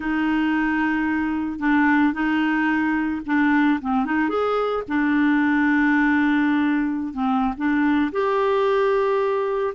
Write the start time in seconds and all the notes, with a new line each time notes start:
0.00 D#4
1.59 D4
2.13 D#4
3.26 D4
3.81 C4
4.05 D#4
4.29 G#4
4.87 D4
7.13 C4
7.57 D4
8.12 G4